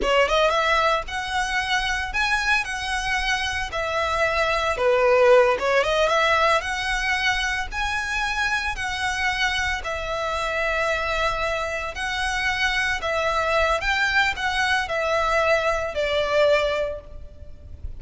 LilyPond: \new Staff \with { instrumentName = "violin" } { \time 4/4 \tempo 4 = 113 cis''8 dis''8 e''4 fis''2 | gis''4 fis''2 e''4~ | e''4 b'4. cis''8 dis''8 e''8~ | e''8 fis''2 gis''4.~ |
gis''8 fis''2 e''4.~ | e''2~ e''8 fis''4.~ | fis''8 e''4. g''4 fis''4 | e''2 d''2 | }